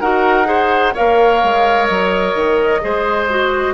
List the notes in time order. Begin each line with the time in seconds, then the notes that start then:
0.00 D#4 F#4 A#4 F#5
0.45 G#4 C5
0.94 A#3 A#4 C#5 F5
1.43 G#3
1.87 F#3 D#5
2.35 D#3
2.81 G#3 G#4 C5
3.29 F#4